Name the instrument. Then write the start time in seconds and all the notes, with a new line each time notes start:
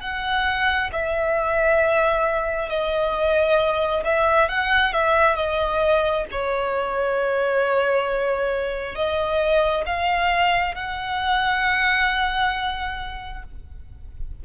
violin
0.00 F#5
0.92 E5
2.69 D#5
4.04 E5
4.48 F#5
4.93 E5
5.35 D#5
6.31 C#5
8.95 D#5
9.85 F5
10.74 F#5